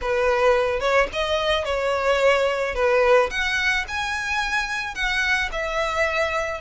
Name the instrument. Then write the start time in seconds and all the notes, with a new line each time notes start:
violin
0.01 B4
0.80 C#5
1.12 D#5
1.65 C#5
2.74 B4
3.30 F#5
3.88 G#5
4.94 F#5
5.51 E5